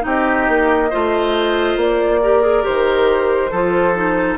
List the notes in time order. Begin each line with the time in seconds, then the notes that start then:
0.00 C4 D#4 G4
0.07 D#5
0.48 A#3
0.89 A3 F4 C5
1.76 A#3 D5
2.22 G4 A#4
2.42 G#4
2.62 D#3 G4 C5
3.51 F3 F4 A4
3.94 D#4